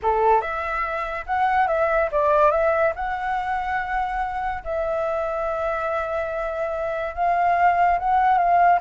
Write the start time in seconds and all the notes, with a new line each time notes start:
0.02 A4
0.41 E5
1.26 F#5
1.67 E5
2.11 D5
2.51 E5
2.95 F#5
4.64 E5
7.14 F5
7.98 F#5
8.37 F5